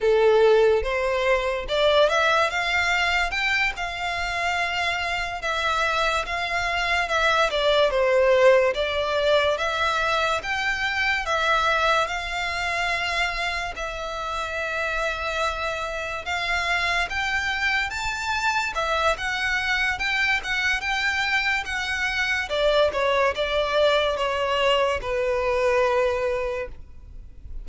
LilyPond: \new Staff \with { instrumentName = "violin" } { \time 4/4 \tempo 4 = 72 a'4 c''4 d''8 e''8 f''4 | g''8 f''2 e''4 f''8~ | f''8 e''8 d''8 c''4 d''4 e''8~ | e''8 g''4 e''4 f''4.~ |
f''8 e''2. f''8~ | f''8 g''4 a''4 e''8 fis''4 | g''8 fis''8 g''4 fis''4 d''8 cis''8 | d''4 cis''4 b'2 | }